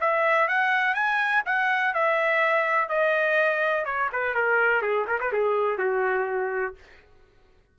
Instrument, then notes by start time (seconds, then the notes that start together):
trumpet
0.00 E5
0.48 F#5
0.94 G#5
1.46 F#5
1.94 E5
2.88 D#5
3.85 C#5
4.12 B4
4.34 A#4
4.82 G#4
5.07 A#4
5.20 B4
5.32 G#4
5.78 F#4